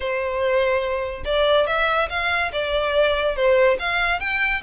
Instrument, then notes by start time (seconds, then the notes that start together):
violin
0.00 C5
1.24 D5
1.66 E5
2.09 F5
2.52 D5
3.35 C5
3.79 F5
4.20 G5